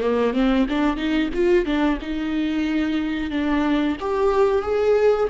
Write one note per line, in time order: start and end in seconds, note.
0.00 0.33 A#3
0.33 0.66 C4
0.69 0.96 D4
0.96 1.29 D#4
1.34 1.65 F4
1.65 1.98 D4
2.01 3.31 D#4
3.31 3.97 D4
4.00 4.62 G4
4.62 5.28 G#4